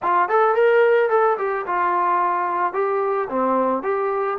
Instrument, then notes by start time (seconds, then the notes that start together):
trombone
0.02 F4
0.29 A4
0.55 A#4
1.09 A4
1.38 G4
1.66 F4
2.73 G4
3.29 C4
3.83 G4